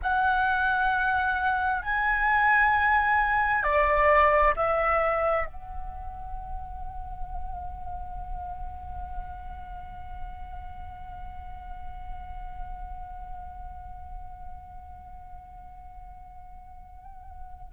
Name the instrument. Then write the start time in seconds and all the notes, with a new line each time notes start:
flute
0.02 F#5
1.82 G#5
3.63 D5
4.56 E5
5.45 F#5